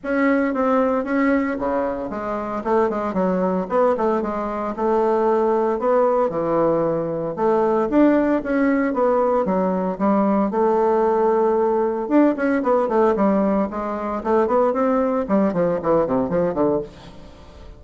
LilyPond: \new Staff \with { instrumentName = "bassoon" } { \time 4/4 \tempo 4 = 114 cis'4 c'4 cis'4 cis4 | gis4 a8 gis8 fis4 b8 a8 | gis4 a2 b4 | e2 a4 d'4 |
cis'4 b4 fis4 g4 | a2. d'8 cis'8 | b8 a8 g4 gis4 a8 b8 | c'4 g8 f8 e8 c8 f8 d8 | }